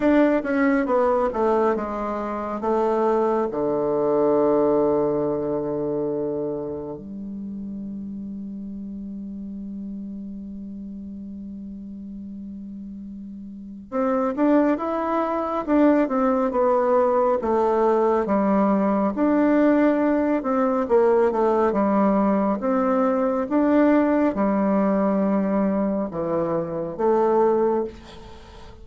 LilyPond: \new Staff \with { instrumentName = "bassoon" } { \time 4/4 \tempo 4 = 69 d'8 cis'8 b8 a8 gis4 a4 | d1 | g1~ | g1 |
c'8 d'8 e'4 d'8 c'8 b4 | a4 g4 d'4. c'8 | ais8 a8 g4 c'4 d'4 | g2 e4 a4 | }